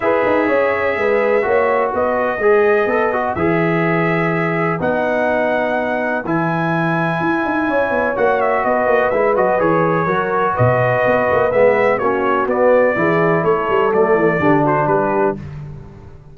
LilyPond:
<<
  \new Staff \with { instrumentName = "trumpet" } { \time 4/4 \tempo 4 = 125 e''1 | dis''2. e''4~ | e''2 fis''2~ | fis''4 gis''2.~ |
gis''4 fis''8 e''8 dis''4 e''8 dis''8 | cis''2 dis''2 | e''4 cis''4 d''2 | cis''4 d''4. c''8 b'4 | }
  \new Staff \with { instrumentName = "horn" } { \time 4/4 b'4 cis''4 b'4 cis''4 | b'1~ | b'1~ | b'1 |
cis''2 b'2~ | b'4 ais'4 b'2~ | b'4 fis'2 gis'4 | a'2 g'8 fis'8 g'4 | }
  \new Staff \with { instrumentName = "trombone" } { \time 4/4 gis'2. fis'4~ | fis'4 gis'4 a'8 fis'8 gis'4~ | gis'2 dis'2~ | dis'4 e'2.~ |
e'4 fis'2 e'8 fis'8 | gis'4 fis'2. | b4 cis'4 b4 e'4~ | e'4 a4 d'2 | }
  \new Staff \with { instrumentName = "tuba" } { \time 4/4 e'8 dis'8 cis'4 gis4 ais4 | b4 gis4 b4 e4~ | e2 b2~ | b4 e2 e'8 dis'8 |
cis'8 b8 ais4 b8 ais8 gis8 fis8 | e4 fis4 b,4 b8 ais8 | gis4 ais4 b4 e4 | a8 g8 fis8 e8 d4 g4 | }
>>